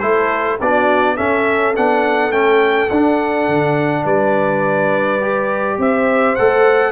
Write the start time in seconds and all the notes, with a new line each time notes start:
0.00 A3 E4 A4 C5
0.61 B3 D4 F#4 D5
1.16 C#4 A4 E5
1.76 B3 D4 F#5
2.31 A3 C#4 G5
2.90 D4 F#5
3.48 D3
4.04 G3 B4 D5
5.21 G4
5.78 C4 C5 E5
6.35 A3 A4 F#5